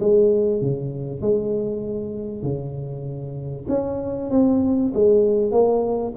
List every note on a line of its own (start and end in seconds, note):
0.00 0.61 G#3
0.61 1.21 C#3
1.21 2.43 G#3
2.43 3.66 C#3
3.68 4.30 C#4
4.30 4.92 C4
4.94 5.51 G#3
5.51 6.13 A#3